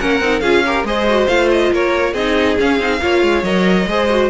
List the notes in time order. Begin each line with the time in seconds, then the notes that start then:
0.00 A#3 C#4 A#4 F#5
0.20 C4 D#4
0.40 C#4 F4 G#4 F5
0.66 G4 A#4
0.84 G#3 G#4 C5 D#5
1.09 F#4
1.28 A3 F4 F5
1.52 D#5
1.73 A#3 A#4 C#5
2.14 C4 D#4 G#4 D#5
2.59 C#4 F5
2.79 C4 D#4
3.01 A#3 F4 C#5
3.23 G#3
3.43 F#3 A#4 D#5
3.87 G#3 G#4 C5
4.10 F#4